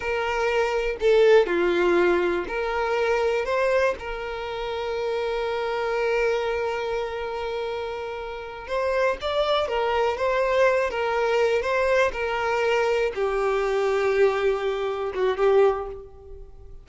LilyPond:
\new Staff \with { instrumentName = "violin" } { \time 4/4 \tempo 4 = 121 ais'2 a'4 f'4~ | f'4 ais'2 c''4 | ais'1~ | ais'1~ |
ais'4. c''4 d''4 ais'8~ | ais'8 c''4. ais'4. c''8~ | c''8 ais'2 g'4.~ | g'2~ g'8 fis'8 g'4 | }